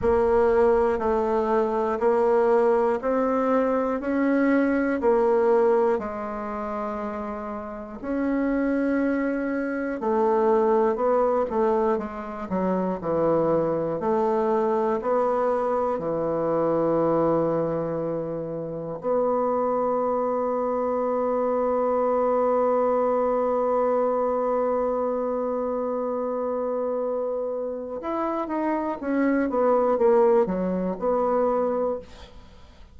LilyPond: \new Staff \with { instrumentName = "bassoon" } { \time 4/4 \tempo 4 = 60 ais4 a4 ais4 c'4 | cis'4 ais4 gis2 | cis'2 a4 b8 a8 | gis8 fis8 e4 a4 b4 |
e2. b4~ | b1~ | b1 | e'8 dis'8 cis'8 b8 ais8 fis8 b4 | }